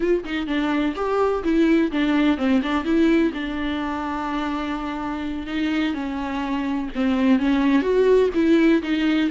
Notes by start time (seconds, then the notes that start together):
0.00 F4
0.24 D#4
0.47 D4
0.95 G4
1.43 E4
1.91 D4
2.37 C4
2.62 D4
2.84 E4
3.33 D4
5.47 D#4
5.94 C#4
6.95 C4
7.39 C#4
7.82 F#4
8.34 E4
8.82 D#4